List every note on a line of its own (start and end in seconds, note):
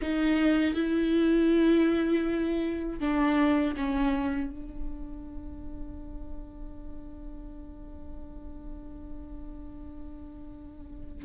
0.01 0.74 D#4
0.74 2.99 E4
3.00 3.75 D4
3.76 4.50 C#4
4.50 11.25 D4